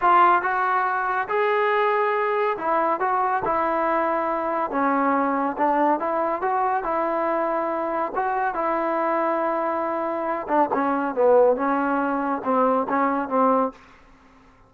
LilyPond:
\new Staff \with { instrumentName = "trombone" } { \time 4/4 \tempo 4 = 140 f'4 fis'2 gis'4~ | gis'2 e'4 fis'4 | e'2. cis'4~ | cis'4 d'4 e'4 fis'4 |
e'2. fis'4 | e'1~ | e'8 d'8 cis'4 b4 cis'4~ | cis'4 c'4 cis'4 c'4 | }